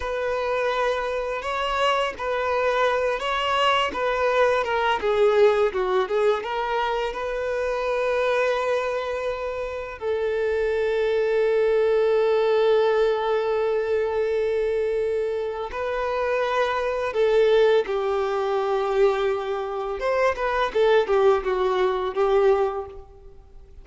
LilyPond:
\new Staff \with { instrumentName = "violin" } { \time 4/4 \tempo 4 = 84 b'2 cis''4 b'4~ | b'8 cis''4 b'4 ais'8 gis'4 | fis'8 gis'8 ais'4 b'2~ | b'2 a'2~ |
a'1~ | a'2 b'2 | a'4 g'2. | c''8 b'8 a'8 g'8 fis'4 g'4 | }